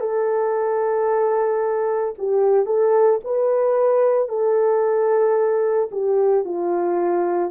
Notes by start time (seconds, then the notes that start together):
0.00 A4
2.18 G4
2.66 A4
3.24 B4
4.29 A4
5.91 G4
6.44 F4